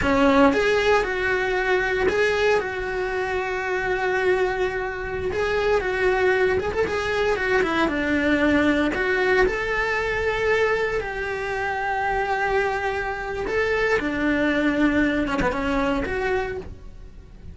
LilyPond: \new Staff \with { instrumentName = "cello" } { \time 4/4 \tempo 4 = 116 cis'4 gis'4 fis'2 | gis'4 fis'2.~ | fis'2~ fis'16 gis'4 fis'8.~ | fis'8. gis'16 a'16 gis'4 fis'8 e'8 d'8.~ |
d'4~ d'16 fis'4 a'4.~ a'16~ | a'4~ a'16 g'2~ g'8.~ | g'2 a'4 d'4~ | d'4. cis'16 b16 cis'4 fis'4 | }